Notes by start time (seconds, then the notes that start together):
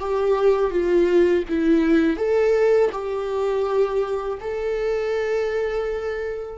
0.00 G4
0.71 F4
1.49 E4
2.17 A4
2.92 G4
4.41 A4